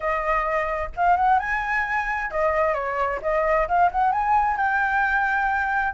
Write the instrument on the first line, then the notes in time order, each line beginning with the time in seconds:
flute
0.00 D#5
0.96 F5
1.16 F#5
1.39 G#5
2.30 D#5
2.74 C#5
3.21 D#5
3.67 F5
3.91 F#5
4.11 G#5
4.56 G5